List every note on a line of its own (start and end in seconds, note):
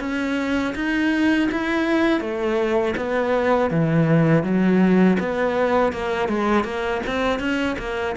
0.00 0.74 C#4
0.75 1.49 D#4
1.52 2.21 E4
2.21 2.95 A3
2.97 3.70 B3
3.70 4.43 E3
4.43 5.18 F#3
5.19 5.92 B3
5.92 6.28 A#3
6.28 6.64 G#3
6.64 7.01 A#3
7.07 7.39 C4
7.39 7.76 C#4
7.78 8.15 A#3